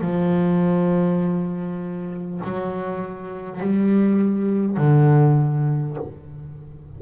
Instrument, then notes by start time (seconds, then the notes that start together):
double bass
0.00 F3
2.43 F#3
3.60 G3
4.77 D3